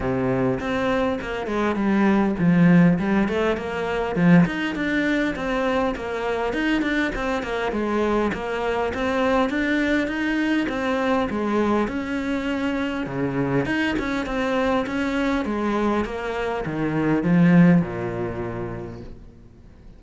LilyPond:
\new Staff \with { instrumentName = "cello" } { \time 4/4 \tempo 4 = 101 c4 c'4 ais8 gis8 g4 | f4 g8 a8 ais4 f8 dis'8 | d'4 c'4 ais4 dis'8 d'8 | c'8 ais8 gis4 ais4 c'4 |
d'4 dis'4 c'4 gis4 | cis'2 cis4 dis'8 cis'8 | c'4 cis'4 gis4 ais4 | dis4 f4 ais,2 | }